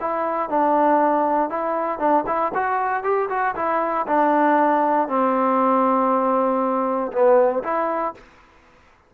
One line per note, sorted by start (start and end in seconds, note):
0.00 0.49 E4
0.49 1.49 D4
1.49 1.99 E4
1.99 2.24 D4
2.26 2.52 E4
2.54 3.03 F#4
3.03 3.28 G4
3.29 3.55 F#4
3.55 4.06 E4
4.07 5.08 D4
5.08 7.11 C4
7.12 7.62 B3
7.63 8.14 E4